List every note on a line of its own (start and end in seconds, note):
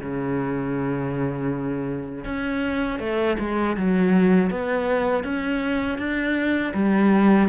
0.00 2.24 C#3
2.24 2.99 C#4
2.99 3.36 A3
3.39 3.76 G#3
3.76 4.50 F#3
4.50 5.24 B3
5.24 5.98 C#4
5.98 6.73 D4
6.74 7.48 G3